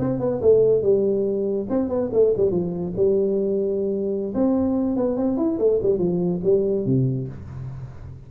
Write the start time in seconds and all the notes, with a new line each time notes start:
0.00 C4
0.20 B3
0.42 A3
0.82 G3
1.70 C4
1.89 B3
2.13 A3
2.37 G3
2.51 F3
2.97 G3
4.35 C4
4.97 B3
5.17 C4
5.38 E4
5.59 A3
5.83 G3
5.99 F3
6.44 G3
6.86 C3